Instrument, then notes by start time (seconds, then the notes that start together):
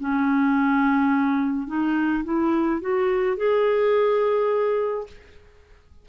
clarinet
0.00 C#4
1.67 D#4
2.24 E4
2.81 F#4
3.37 G#4